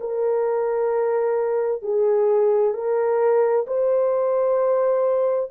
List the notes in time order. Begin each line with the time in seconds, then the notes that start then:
0.00 A#4
1.82 G#4
2.73 A#4
3.67 C5